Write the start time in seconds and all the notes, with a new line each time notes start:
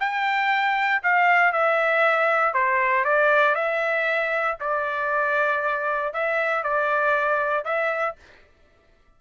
0.00 G5
1.03 F5
1.53 E5
2.54 C5
3.05 D5
3.55 E5
4.61 D5
6.14 E5
6.64 D5
7.65 E5